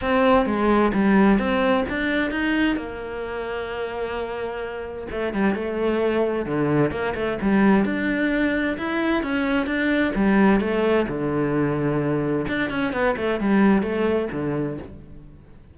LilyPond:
\new Staff \with { instrumentName = "cello" } { \time 4/4 \tempo 4 = 130 c'4 gis4 g4 c'4 | d'4 dis'4 ais2~ | ais2. a8 g8 | a2 d4 ais8 a8 |
g4 d'2 e'4 | cis'4 d'4 g4 a4 | d2. d'8 cis'8 | b8 a8 g4 a4 d4 | }